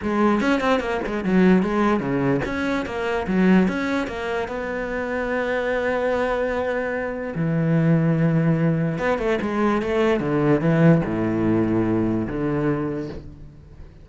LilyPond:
\new Staff \with { instrumentName = "cello" } { \time 4/4 \tempo 4 = 147 gis4 cis'8 c'8 ais8 gis8 fis4 | gis4 cis4 cis'4 ais4 | fis4 cis'4 ais4 b4~ | b1~ |
b2 e2~ | e2 b8 a8 gis4 | a4 d4 e4 a,4~ | a,2 d2 | }